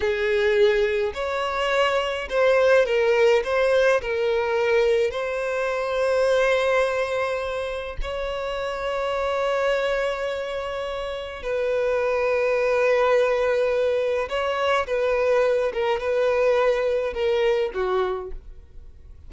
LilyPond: \new Staff \with { instrumentName = "violin" } { \time 4/4 \tempo 4 = 105 gis'2 cis''2 | c''4 ais'4 c''4 ais'4~ | ais'4 c''2.~ | c''2 cis''2~ |
cis''1 | b'1~ | b'4 cis''4 b'4. ais'8 | b'2 ais'4 fis'4 | }